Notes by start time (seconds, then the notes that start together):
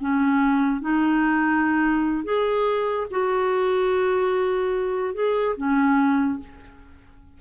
0.00 C#4
0.81 D#4
2.24 G#4
3.10 F#4
5.14 G#4
5.57 C#4